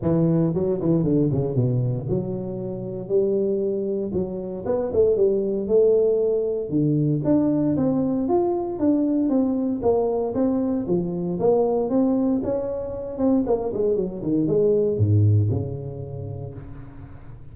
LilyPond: \new Staff \with { instrumentName = "tuba" } { \time 4/4 \tempo 4 = 116 e4 fis8 e8 d8 cis8 b,4 | fis2 g2 | fis4 b8 a8 g4 a4~ | a4 d4 d'4 c'4 |
f'4 d'4 c'4 ais4 | c'4 f4 ais4 c'4 | cis'4. c'8 ais8 gis8 fis8 dis8 | gis4 gis,4 cis2 | }